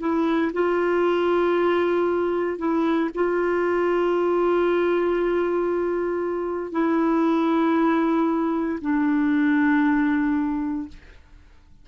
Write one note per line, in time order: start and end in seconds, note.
0.00 0.52 E4
0.53 2.58 F4
2.58 3.10 E4
3.15 6.72 F4
6.72 8.79 E4
8.81 10.88 D4